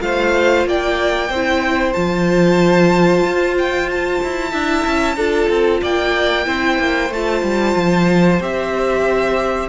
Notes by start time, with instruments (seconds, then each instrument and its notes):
0.00 cello A3, viola F4, violin C5 F5
0.66 cello A#3, violin D5 G5
1.30 cello C4, viola E4, violin C5
1.93 cello F3, viola F4, violin A5
3.24 cello F4
3.58 violin G5
3.91 violin A5
4.24 cello E4
4.51 cello D4, viola E4, violin E5
4.87 cello C#4
5.17 cello D4, viola F4, violin A4
5.50 cello C4
5.82 cello A#3, violin D5 G5
6.46 cello C4, viola E4, violin C5
6.79 cello A#3
7.10 cello A3, viola F4, violin A5
7.43 cello G3
7.76 cello F3
8.40 cello C4, viola G4, violin E5